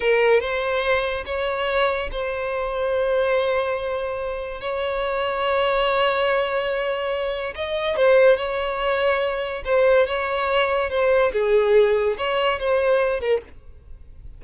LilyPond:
\new Staff \with { instrumentName = "violin" } { \time 4/4 \tempo 4 = 143 ais'4 c''2 cis''4~ | cis''4 c''2.~ | c''2. cis''4~ | cis''1~ |
cis''2 dis''4 c''4 | cis''2. c''4 | cis''2 c''4 gis'4~ | gis'4 cis''4 c''4. ais'8 | }